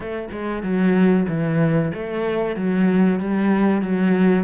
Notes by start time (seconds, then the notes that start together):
0.00 A3
0.31 G#3
0.62 F#3
1.28 E3
1.94 A3
2.56 F#3
3.19 G3
3.82 F#3